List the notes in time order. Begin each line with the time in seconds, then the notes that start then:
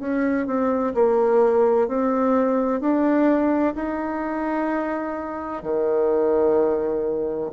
0.00 C#4
0.47 C4
0.95 A#3
1.88 C4
2.81 D4
3.75 D#4
5.63 D#3